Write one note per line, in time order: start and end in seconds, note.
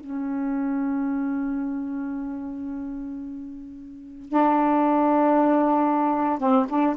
0.00 4.29 C#4
4.29 6.39 D4
6.39 6.66 C4
6.69 6.95 D4